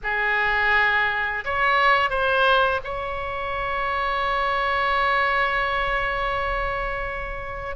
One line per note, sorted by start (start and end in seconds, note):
0.03 1.44 G#4
1.44 2.10 C#5
2.10 2.80 C5
2.84 7.76 C#5